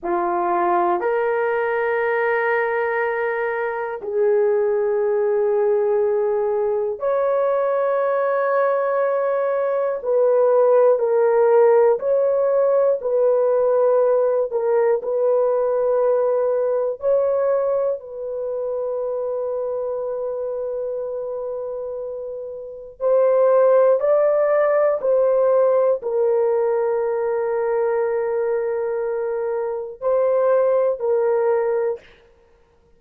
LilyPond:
\new Staff \with { instrumentName = "horn" } { \time 4/4 \tempo 4 = 60 f'4 ais'2. | gis'2. cis''4~ | cis''2 b'4 ais'4 | cis''4 b'4. ais'8 b'4~ |
b'4 cis''4 b'2~ | b'2. c''4 | d''4 c''4 ais'2~ | ais'2 c''4 ais'4 | }